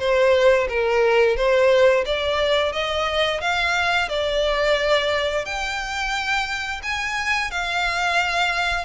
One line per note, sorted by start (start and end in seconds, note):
0.00 0.68 C5
0.69 1.37 A#4
1.37 2.05 C5
2.06 2.73 D5
2.73 3.41 D#5
3.41 4.09 F5
4.09 5.45 D5
5.45 6.82 G5
6.83 7.52 G#5
7.52 8.85 F5